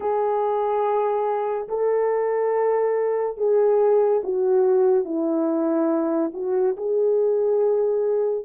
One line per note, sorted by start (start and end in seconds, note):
0.00 1.68 G#4
1.68 3.36 A4
3.36 4.21 G#4
4.23 5.05 F#4
5.05 6.31 E4
6.33 6.76 F#4
6.76 8.45 G#4